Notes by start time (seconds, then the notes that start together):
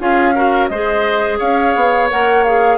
0.00 C#4 F4 G#4 F5
0.35 F#4 A#4
0.68 G#3 G#4 C5 D#5
1.39 C#4 C#5 F5
1.76 B3
2.11 A#3 A#4 F#5
2.44 G#4 F5